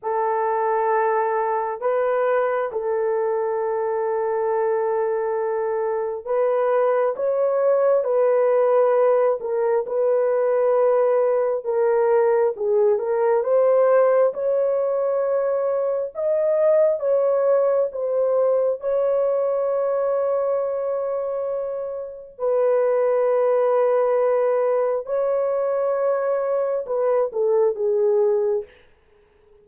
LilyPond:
\new Staff \with { instrumentName = "horn" } { \time 4/4 \tempo 4 = 67 a'2 b'4 a'4~ | a'2. b'4 | cis''4 b'4. ais'8 b'4~ | b'4 ais'4 gis'8 ais'8 c''4 |
cis''2 dis''4 cis''4 | c''4 cis''2.~ | cis''4 b'2. | cis''2 b'8 a'8 gis'4 | }